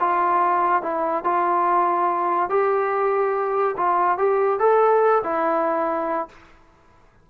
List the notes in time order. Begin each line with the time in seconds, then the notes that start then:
0.00 F4
0.82 E4
1.24 F4
2.50 G4
3.77 F4
4.18 G4
4.59 A4
5.24 E4